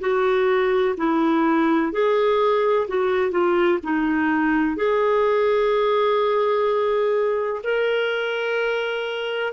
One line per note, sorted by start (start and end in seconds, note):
0.00 0.95 F#4
0.97 1.92 E4
1.92 2.87 G#4
2.88 3.31 F#4
3.31 3.79 F4
3.83 4.76 D#4
4.76 7.62 G#4
7.64 9.53 A#4